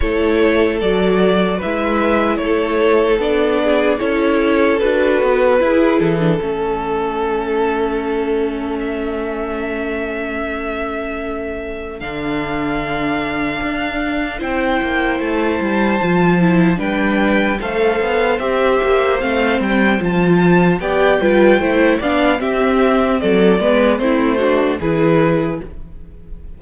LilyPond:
<<
  \new Staff \with { instrumentName = "violin" } { \time 4/4 \tempo 4 = 75 cis''4 d''4 e''4 cis''4 | d''4 cis''4 b'4. a'8~ | a'2. e''4~ | e''2. f''4~ |
f''2 g''4 a''4~ | a''4 g''4 f''4 e''4 | f''8 g''8 a''4 g''4. f''8 | e''4 d''4 c''4 b'4 | }
  \new Staff \with { instrumentName = "violin" } { \time 4/4 a'2 b'4 a'4~ | a'8 gis'8 a'2 gis'4 | a'1~ | a'1~ |
a'2 c''2~ | c''4 b'4 c''2~ | c''2 d''8 b'8 c''8 d''8 | g'4 a'8 b'8 e'8 fis'8 gis'4 | }
  \new Staff \with { instrumentName = "viola" } { \time 4/4 e'4 fis'4 e'2 | d'4 e'4 fis'4 e'8. d'16 | cis'1~ | cis'2. d'4~ |
d'2 e'2 | f'8 e'8 d'4 a'4 g'4 | c'4 f'4 g'8 f'8 e'8 d'8 | c'4. b8 c'8 d'8 e'4 | }
  \new Staff \with { instrumentName = "cello" } { \time 4/4 a4 fis4 gis4 a4 | b4 cis'4 d'8 b8 e'8 e8 | a1~ | a2. d4~ |
d4 d'4 c'8 ais8 a8 g8 | f4 g4 a8 b8 c'8 ais8 | a8 g8 f4 b8 g8 a8 b8 | c'4 fis8 gis8 a4 e4 | }
>>